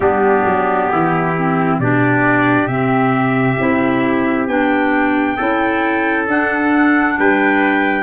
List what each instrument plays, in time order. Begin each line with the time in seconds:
0.00 tuba G3, clarinet B3, trumpet D4 G4
0.45 tuba F#3
0.91 tuba E3, trumpet E4
1.37 clarinet C4
1.79 tuba B2, clarinet D4, trumpet G4 D5
2.67 tuba C3, clarinet C4, trumpet E5
3.59 tuba C4, clarinet E4
4.47 tuba B3, clarinet D4, trumpet G5
5.36 tuba C#4, clarinet E4, trumpet A4
6.27 clarinet D4, tuba D4, trumpet F#5
7.18 tuba G3, trumpet B4 G5